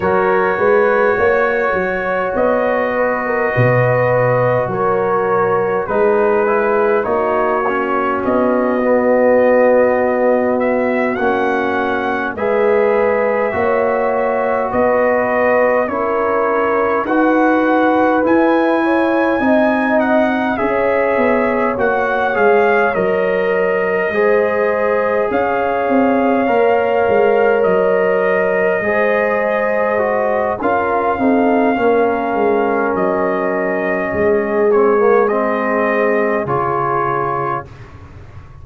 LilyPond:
<<
  \new Staff \with { instrumentName = "trumpet" } { \time 4/4 \tempo 4 = 51 cis''2 dis''2 | cis''4 b'4 cis''4 dis''4~ | dis''4 e''8 fis''4 e''4.~ | e''8 dis''4 cis''4 fis''4 gis''8~ |
gis''4 fis''8 e''4 fis''8 f''8 dis''8~ | dis''4. f''2 dis''8~ | dis''2 f''2 | dis''4. cis''8 dis''4 cis''4 | }
  \new Staff \with { instrumentName = "horn" } { \time 4/4 ais'8 b'8 cis''4. b'16 ais'16 b'4 | ais'4 gis'4 fis'2~ | fis'2~ fis'8 b'4 cis''8~ | cis''8 b'4 ais'4 b'4. |
cis''8 dis''4 cis''2~ cis''8~ | cis''8 c''4 cis''2~ cis''8~ | cis''8 c''4. ais'8 a'8 ais'4~ | ais'4 gis'2. | }
  \new Staff \with { instrumentName = "trombone" } { \time 4/4 fis'1~ | fis'4 dis'8 e'8 dis'8 cis'4 b8~ | b4. cis'4 gis'4 fis'8~ | fis'4. e'4 fis'4 e'8~ |
e'8 dis'4 gis'4 fis'8 gis'8 ais'8~ | ais'8 gis'2 ais'4.~ | ais'8 gis'4 fis'8 f'8 dis'8 cis'4~ | cis'4. c'16 ais16 c'4 f'4 | }
  \new Staff \with { instrumentName = "tuba" } { \time 4/4 fis8 gis8 ais8 fis8 b4 b,4 | fis4 gis4 ais4 b4~ | b4. ais4 gis4 ais8~ | ais8 b4 cis'4 dis'4 e'8~ |
e'8 c'4 cis'8 b8 ais8 gis8 fis8~ | fis8 gis4 cis'8 c'8 ais8 gis8 fis8~ | fis8 gis4. cis'8 c'8 ais8 gis8 | fis4 gis2 cis4 | }
>>